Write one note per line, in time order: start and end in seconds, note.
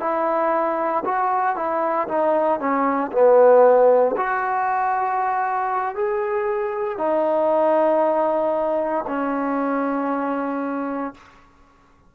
0.00 1.03 E4
1.04 1.56 F#4
1.56 2.07 E4
2.08 2.59 D#4
2.59 3.11 C#4
3.12 4.15 B3
4.17 5.95 F#4
5.95 6.98 G#4
6.98 9.05 D#4
9.07 11.14 C#4